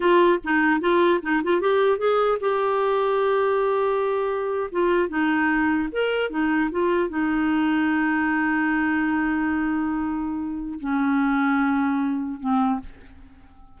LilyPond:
\new Staff \with { instrumentName = "clarinet" } { \time 4/4 \tempo 4 = 150 f'4 dis'4 f'4 dis'8 f'8 | g'4 gis'4 g'2~ | g'2.~ g'8. f'16~ | f'8. dis'2 ais'4 dis'16~ |
dis'8. f'4 dis'2~ dis'16~ | dis'1~ | dis'2. cis'4~ | cis'2. c'4 | }